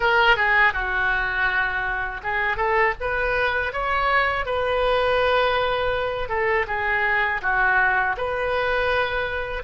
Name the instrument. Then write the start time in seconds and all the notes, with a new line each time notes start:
oboe
0.00 A#4
0.36 G#4
0.73 F#4
2.23 G#4
2.57 A4
3.00 B4
3.72 C#5
4.45 B4
6.29 A4
6.67 G#4
7.41 F#4
8.17 B4